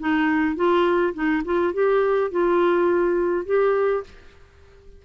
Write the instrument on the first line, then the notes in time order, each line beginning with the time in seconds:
clarinet
0.00 D#4
0.56 F4
1.14 D#4
1.45 F4
1.74 G4
2.31 F4
3.46 G4